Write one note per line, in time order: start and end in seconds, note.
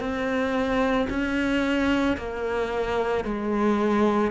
0.00 1.07 C4
1.10 2.17 C#4
2.18 3.24 A#3
3.24 4.31 G#3